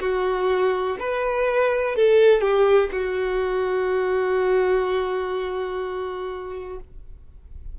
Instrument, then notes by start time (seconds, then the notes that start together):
violin
0.00 F#4
0.99 B4
1.96 A4
2.41 G4
2.92 F#4